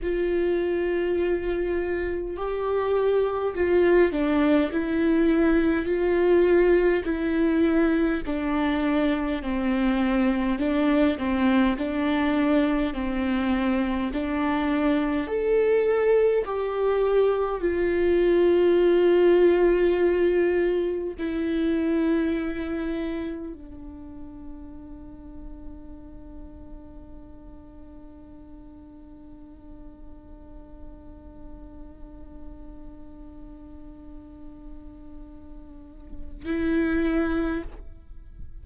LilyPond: \new Staff \with { instrumentName = "viola" } { \time 4/4 \tempo 4 = 51 f'2 g'4 f'8 d'8 | e'4 f'4 e'4 d'4 | c'4 d'8 c'8 d'4 c'4 | d'4 a'4 g'4 f'4~ |
f'2 e'2 | d'1~ | d'1~ | d'2. e'4 | }